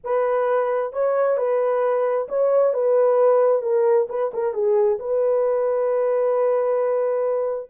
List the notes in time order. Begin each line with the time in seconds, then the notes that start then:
0.04 B4
0.92 C#5
1.37 B4
2.28 C#5
2.73 B4
3.62 A#4
4.09 B4
4.33 A#4
4.53 G#4
4.99 B4